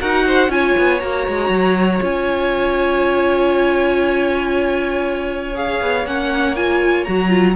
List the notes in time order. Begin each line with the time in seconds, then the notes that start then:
0.00 D#4 F#4 A#4 F#5
0.27 C5
0.49 C#4 F4 C#5 G#5
0.78 B3
1.00 A#3 F#4 A#5
1.28 G#3
1.49 F#3
2.01 C#4 F4 G#5
5.54 G#4 F5
5.81 B3
6.06 A#3 C#4 F#5
6.56 F4 G#5
7.04 F#3 F#4 A#5
7.29 F4